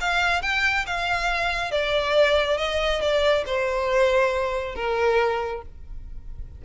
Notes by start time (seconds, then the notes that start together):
0.00 F5
0.42 G5
0.86 F5
1.71 D5
2.57 D#5
3.01 D5
3.46 C5
4.75 A#4